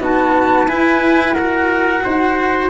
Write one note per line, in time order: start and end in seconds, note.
0.00 0.67 B3
0.00 0.67 D#4
0.00 0.68 F#4
0.00 0.68 A5
0.67 2.02 E4
0.67 1.36 E4
0.67 1.34 B4
0.67 1.33 G#5
1.33 2.70 F#4
1.33 2.02 A#4
1.33 2.67 F#5
2.04 2.70 D#4
2.04 2.70 C5